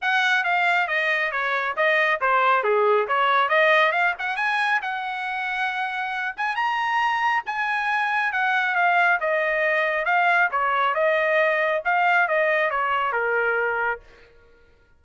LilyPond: \new Staff \with { instrumentName = "trumpet" } { \time 4/4 \tempo 4 = 137 fis''4 f''4 dis''4 cis''4 | dis''4 c''4 gis'4 cis''4 | dis''4 f''8 fis''8 gis''4 fis''4~ | fis''2~ fis''8 gis''8 ais''4~ |
ais''4 gis''2 fis''4 | f''4 dis''2 f''4 | cis''4 dis''2 f''4 | dis''4 cis''4 ais'2 | }